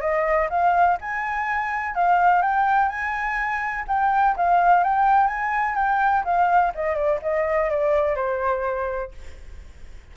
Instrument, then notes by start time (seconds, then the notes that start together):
flute
0.00 D#5
0.49 F5
1.00 G#5
1.94 F5
2.42 G5
2.89 G#5
3.87 G5
4.36 F5
4.83 G5
5.26 G#5
5.75 G5
6.24 F5
6.74 D#5
6.94 D5
7.22 D#5
7.70 D5
8.15 C5